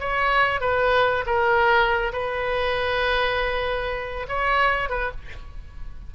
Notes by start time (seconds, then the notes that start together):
0.00 C#5
0.61 B4
1.27 A#4
2.13 B4
4.28 C#5
4.90 B4